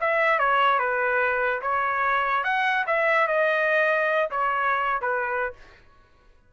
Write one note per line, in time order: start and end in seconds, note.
0.00 0.39 E5
0.39 0.79 C#5
0.79 1.61 B4
1.62 2.44 C#5
2.44 2.85 F#5
2.86 3.27 E5
3.27 4.30 D#5
4.30 5.01 C#5
5.01 5.53 B4